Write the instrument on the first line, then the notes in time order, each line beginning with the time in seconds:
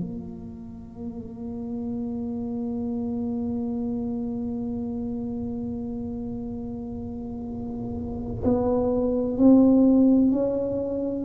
tuba
0.00 A#3
8.44 B3
9.38 C4
10.32 C#4